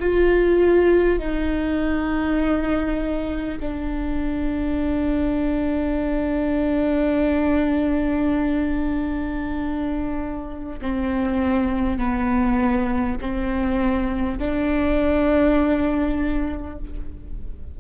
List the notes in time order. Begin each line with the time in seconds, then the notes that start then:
0.00 F4
1.19 D#4
3.59 D4
10.82 C4
11.98 B3
13.21 C4
14.39 D4